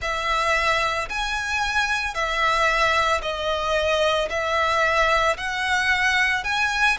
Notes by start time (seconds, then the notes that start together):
0.01 E5
1.09 G#5
2.14 E5
3.21 D#5
4.29 E5
5.37 F#5
6.44 G#5